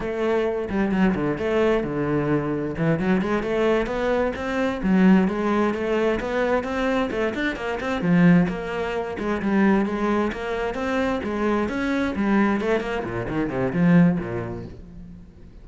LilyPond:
\new Staff \with { instrumentName = "cello" } { \time 4/4 \tempo 4 = 131 a4. g8 fis8 d8 a4 | d2 e8 fis8 gis8 a8~ | a8 b4 c'4 fis4 gis8~ | gis8 a4 b4 c'4 a8 |
d'8 ais8 c'8 f4 ais4. | gis8 g4 gis4 ais4 c'8~ | c'8 gis4 cis'4 g4 a8 | ais8 ais,8 dis8 c8 f4 ais,4 | }